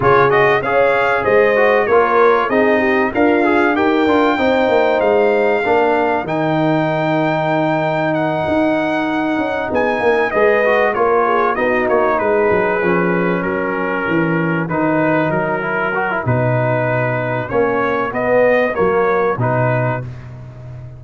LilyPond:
<<
  \new Staff \with { instrumentName = "trumpet" } { \time 4/4 \tempo 4 = 96 cis''8 dis''8 f''4 dis''4 cis''4 | dis''4 f''4 g''2 | f''2 g''2~ | g''4 fis''2~ fis''8 gis''8~ |
gis''8 dis''4 cis''4 dis''8 cis''8 b'8~ | b'4. ais'2 b'8~ | b'8 ais'4. b'2 | cis''4 dis''4 cis''4 b'4 | }
  \new Staff \with { instrumentName = "horn" } { \time 4/4 gis'4 cis''4 c''4 ais'4 | gis'8 g'8 f'4 ais'4 c''4~ | c''4 ais'2.~ | ais'2.~ ais'8 gis'8 |
ais'8 b'4 ais'8 gis'8 fis'4 gis'8~ | gis'4. fis'2~ fis'8~ | fis'1~ | fis'1 | }
  \new Staff \with { instrumentName = "trombone" } { \time 4/4 f'8 fis'8 gis'4. fis'8 f'4 | dis'4 ais'8 gis'8 g'8 f'8 dis'4~ | dis'4 d'4 dis'2~ | dis'1~ |
dis'8 gis'8 fis'8 f'4 dis'4.~ | dis'8 cis'2. dis'8~ | dis'4 e'8 fis'16 e'16 dis'2 | cis'4 b4 ais4 dis'4 | }
  \new Staff \with { instrumentName = "tuba" } { \time 4/4 cis4 cis'4 gis4 ais4 | c'4 d'4 dis'8 d'8 c'8 ais8 | gis4 ais4 dis2~ | dis4. dis'4. cis'8 b8 |
ais8 gis4 ais4 b8 ais8 gis8 | fis8 f4 fis4 e4 dis8~ | dis8 fis4. b,2 | ais4 b4 fis4 b,4 | }
>>